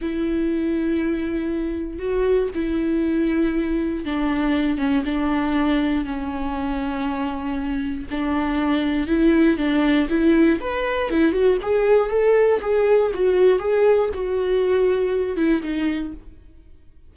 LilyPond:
\new Staff \with { instrumentName = "viola" } { \time 4/4 \tempo 4 = 119 e'1 | fis'4 e'2. | d'4. cis'8 d'2 | cis'1 |
d'2 e'4 d'4 | e'4 b'4 e'8 fis'8 gis'4 | a'4 gis'4 fis'4 gis'4 | fis'2~ fis'8 e'8 dis'4 | }